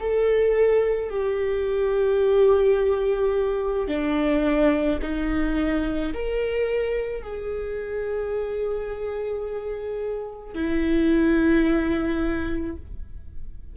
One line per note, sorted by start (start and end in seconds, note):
0.00 1.10 A4
1.10 3.88 G4
3.88 4.99 D4
5.02 6.13 D#4
6.14 7.22 A#4
7.22 10.55 G#4
10.55 12.77 E4